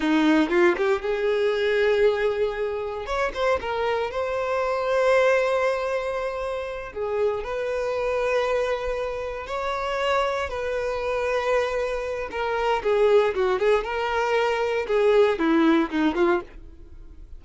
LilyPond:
\new Staff \with { instrumentName = "violin" } { \time 4/4 \tempo 4 = 117 dis'4 f'8 g'8 gis'2~ | gis'2 cis''8 c''8 ais'4 | c''1~ | c''4. gis'4 b'4.~ |
b'2~ b'8 cis''4.~ | cis''8 b'2.~ b'8 | ais'4 gis'4 fis'8 gis'8 ais'4~ | ais'4 gis'4 e'4 dis'8 f'8 | }